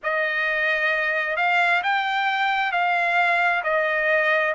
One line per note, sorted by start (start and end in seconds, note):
0.02 1.36 D#5
1.36 1.81 F5
1.83 2.71 G5
2.71 3.62 F5
3.63 4.54 D#5